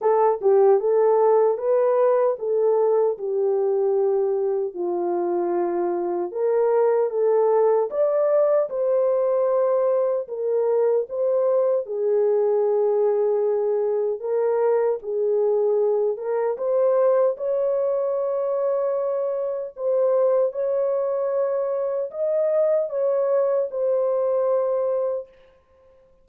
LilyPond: \new Staff \with { instrumentName = "horn" } { \time 4/4 \tempo 4 = 76 a'8 g'8 a'4 b'4 a'4 | g'2 f'2 | ais'4 a'4 d''4 c''4~ | c''4 ais'4 c''4 gis'4~ |
gis'2 ais'4 gis'4~ | gis'8 ais'8 c''4 cis''2~ | cis''4 c''4 cis''2 | dis''4 cis''4 c''2 | }